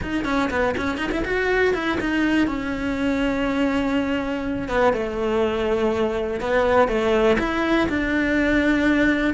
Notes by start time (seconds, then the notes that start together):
0.02 D#4
0.25 C#4
0.50 B3
0.77 C#4
0.97 D#4
1.11 E4
1.24 F#4
1.73 E4
2.00 D#4
2.47 C#4
4.68 B3
4.93 A3
6.40 B3
6.88 A3
7.39 E4
7.88 D4